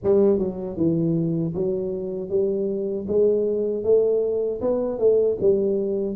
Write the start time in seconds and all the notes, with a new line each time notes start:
0.03 G3
0.38 F#3
0.76 E3
1.54 F#3
2.29 G3
3.07 G#3
3.83 A3
4.61 B3
4.99 A3
5.40 G3